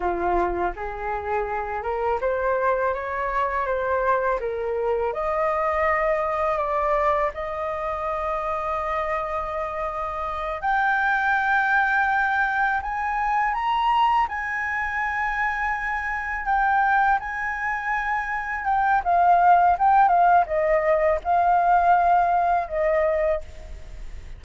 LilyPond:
\new Staff \with { instrumentName = "flute" } { \time 4/4 \tempo 4 = 82 f'4 gis'4. ais'8 c''4 | cis''4 c''4 ais'4 dis''4~ | dis''4 d''4 dis''2~ | dis''2~ dis''8 g''4.~ |
g''4. gis''4 ais''4 gis''8~ | gis''2~ gis''8 g''4 gis''8~ | gis''4. g''8 f''4 g''8 f''8 | dis''4 f''2 dis''4 | }